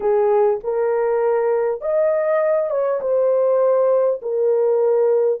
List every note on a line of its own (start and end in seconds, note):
0.00 0.60 G#4
0.63 1.81 A#4
1.81 2.70 D#5
2.70 3.00 C#5
3.00 4.20 C5
4.22 5.40 A#4